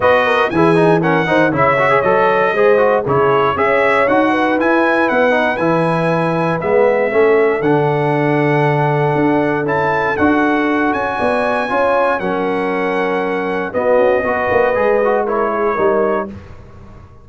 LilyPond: <<
  \new Staff \with { instrumentName = "trumpet" } { \time 4/4 \tempo 4 = 118 dis''4 gis''4 fis''4 e''4 | dis''2 cis''4 e''4 | fis''4 gis''4 fis''4 gis''4~ | gis''4 e''2 fis''4~ |
fis''2. a''4 | fis''4. gis''2~ gis''8 | fis''2. dis''4~ | dis''2 cis''2 | }
  \new Staff \with { instrumentName = "horn" } { \time 4/4 b'8 ais'8 gis'4 ais'8 c''8 cis''4~ | cis''4 c''4 gis'4 cis''4~ | cis''8 b'2.~ b'8~ | b'2 a'2~ |
a'1~ | a'2 d''4 cis''4 | ais'2. fis'4 | b'2 ais'8 gis'8 ais'4 | }
  \new Staff \with { instrumentName = "trombone" } { \time 4/4 fis'4 e'8 dis'8 cis'8 dis'8 e'8 fis'16 gis'16 | a'4 gis'8 fis'8 e'4 gis'4 | fis'4 e'4. dis'8 e'4~ | e'4 b4 cis'4 d'4~ |
d'2. e'4 | fis'2. f'4 | cis'2. b4 | fis'4 gis'8 fis'8 e'4 dis'4 | }
  \new Staff \with { instrumentName = "tuba" } { \time 4/4 b4 e4. dis8 cis4 | fis4 gis4 cis4 cis'4 | dis'4 e'4 b4 e4~ | e4 gis4 a4 d4~ |
d2 d'4 cis'4 | d'4. cis'8 b4 cis'4 | fis2. b8 cis'8 | b8 ais8 gis2 g4 | }
>>